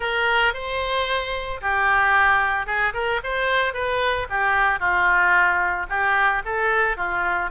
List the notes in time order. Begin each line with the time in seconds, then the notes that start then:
0.00 A#4
0.53 C5
1.61 G4
2.66 G#4
2.93 A#4
3.23 C5
3.73 B4
4.29 G4
4.79 F4
5.89 G4
6.45 A4
6.96 F4